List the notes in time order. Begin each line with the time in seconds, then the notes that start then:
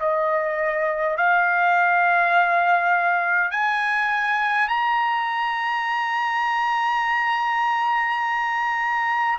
0.00 D#5
1.17 F5
3.51 G#5
4.68 A#5